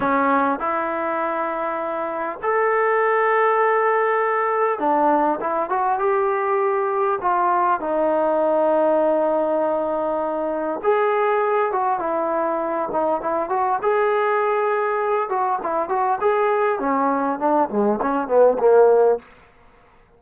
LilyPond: \new Staff \with { instrumentName = "trombone" } { \time 4/4 \tempo 4 = 100 cis'4 e'2. | a'1 | d'4 e'8 fis'8 g'2 | f'4 dis'2.~ |
dis'2 gis'4. fis'8 | e'4. dis'8 e'8 fis'8 gis'4~ | gis'4. fis'8 e'8 fis'8 gis'4 | cis'4 d'8 gis8 cis'8 b8 ais4 | }